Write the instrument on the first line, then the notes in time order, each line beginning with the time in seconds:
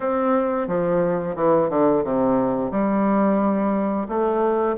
bassoon
0.00 C4
0.67 F3
1.35 E3
1.69 D3
2.03 C3
2.71 G3
4.08 A3